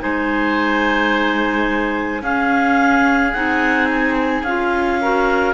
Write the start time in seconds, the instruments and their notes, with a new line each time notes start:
0.00 cello G#3, clarinet D#4 G#5, oboe C5
2.22 cello C#4, clarinet C#4 F5, oboe G#4
3.32 cello C4, clarinet D#4 F#5
3.94 clarinet G#5
4.43 cello C#4, clarinet F4 F5
5.01 clarinet F#4, oboe A#4